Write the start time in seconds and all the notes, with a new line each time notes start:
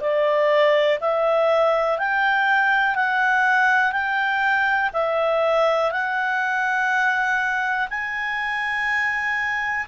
0.00 D5
1.00 E5
1.98 G5
2.95 F#5
3.92 G5
4.93 E5
5.91 F#5
7.90 G#5